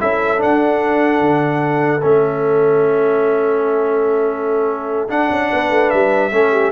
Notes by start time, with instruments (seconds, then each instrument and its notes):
0.00 tuba C#4, trombone E4, horn A4, trumpet E5
0.38 trombone D4, tuba D4, trumpet F#5
1.20 tuba D3
2.02 tuba A3, trombone C#4, trumpet E5
5.09 trombone D4, tuba D4, trumpet F#5
5.31 tuba C#4
5.52 tuba B3, horn B4
5.71 tuba A3
5.90 tuba G3, trumpet E5
6.31 tuba A3, trombone C#4, horn A4
6.52 horn G4